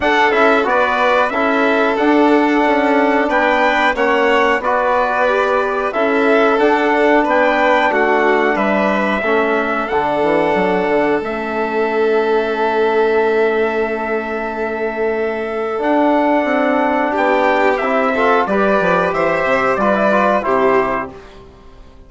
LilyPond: <<
  \new Staff \with { instrumentName = "trumpet" } { \time 4/4 \tempo 4 = 91 fis''8 e''8 d''4 e''4 fis''4~ | fis''4 g''4 fis''4 d''4~ | d''4 e''4 fis''4 g''4 | fis''4 e''2 fis''4~ |
fis''4 e''2.~ | e''1 | fis''2 g''4 e''4 | d''4 e''4 d''4 c''4 | }
  \new Staff \with { instrumentName = "violin" } { \time 4/4 a'4 b'4 a'2~ | a'4 b'4 cis''4 b'4~ | b'4 a'2 b'4 | fis'4 b'4 a'2~ |
a'1~ | a'1~ | a'2 g'4. a'8 | b'4 c''4 b'4 g'4 | }
  \new Staff \with { instrumentName = "trombone" } { \time 4/4 d'8 e'8 fis'4 e'4 d'4~ | d'2 cis'4 fis'4 | g'4 e'4 d'2~ | d'2 cis'4 d'4~ |
d'4 cis'2.~ | cis'1 | d'2. e'8 f'8 | g'2 f'16 e'16 f'8 e'4 | }
  \new Staff \with { instrumentName = "bassoon" } { \time 4/4 d'8 cis'8 b4 cis'4 d'4 | cis'4 b4 ais4 b4~ | b4 cis'4 d'4 b4 | a4 g4 a4 d8 e8 |
fis8 d8 a2.~ | a1 | d'4 c'4 b4 c'4 | g8 f8 e8 c8 g4 c4 | }
>>